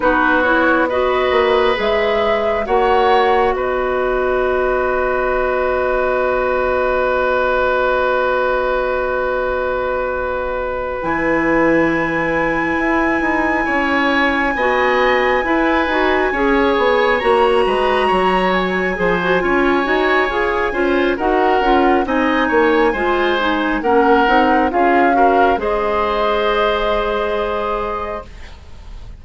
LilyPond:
<<
  \new Staff \with { instrumentName = "flute" } { \time 4/4 \tempo 4 = 68 b'8 cis''8 dis''4 e''4 fis''4 | dis''1~ | dis''1~ | dis''8 gis''2.~ gis''8~ |
gis''2.~ gis''8 ais''8~ | ais''4 gis''2. | fis''4 gis''2 fis''4 | f''4 dis''2. | }
  \new Staff \with { instrumentName = "oboe" } { \time 4/4 fis'4 b'2 cis''4 | b'1~ | b'1~ | b'2.~ b'8 cis''8~ |
cis''8 dis''4 b'4 cis''4. | b'8 cis''4 c''8 cis''4. c''8 | ais'4 dis''8 cis''8 c''4 ais'4 | gis'8 ais'8 c''2. | }
  \new Staff \with { instrumentName = "clarinet" } { \time 4/4 dis'8 e'8 fis'4 gis'4 fis'4~ | fis'1~ | fis'1~ | fis'8 e'2.~ e'8~ |
e'8 fis'4 e'8 fis'8 gis'4 fis'8~ | fis'4. gis'16 fis'16 f'8 fis'8 gis'8 f'8 | fis'8 f'8 dis'4 f'8 dis'8 cis'8 dis'8 | f'8 fis'8 gis'2. | }
  \new Staff \with { instrumentName = "bassoon" } { \time 4/4 b4. ais8 gis4 ais4 | b1~ | b1~ | b8 e2 e'8 dis'8 cis'8~ |
cis'8 b4 e'8 dis'8 cis'8 b8 ais8 | gis8 fis4 f8 cis'8 dis'8 f'8 cis'8 | dis'8 cis'8 c'8 ais8 gis4 ais8 c'8 | cis'4 gis2. | }
>>